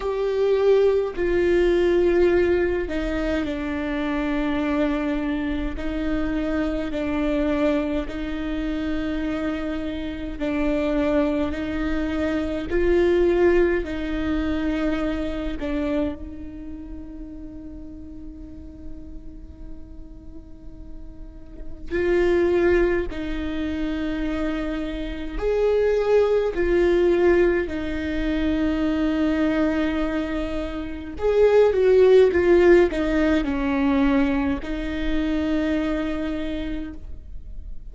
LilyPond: \new Staff \with { instrumentName = "viola" } { \time 4/4 \tempo 4 = 52 g'4 f'4. dis'8 d'4~ | d'4 dis'4 d'4 dis'4~ | dis'4 d'4 dis'4 f'4 | dis'4. d'8 dis'2~ |
dis'2. f'4 | dis'2 gis'4 f'4 | dis'2. gis'8 fis'8 | f'8 dis'8 cis'4 dis'2 | }